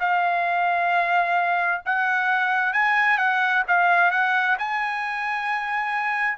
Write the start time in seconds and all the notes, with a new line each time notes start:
0.00 F5
1.86 F#5
2.73 G#5
3.18 F#5
3.68 F5
4.11 F#5
4.59 G#5